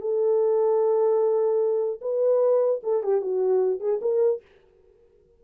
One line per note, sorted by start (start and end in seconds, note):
0.00 2.00 A4
2.01 2.81 B4
2.83 3.03 A4
3.03 3.21 G4
3.21 3.79 F#4
3.79 3.99 G#4
4.01 4.41 A#4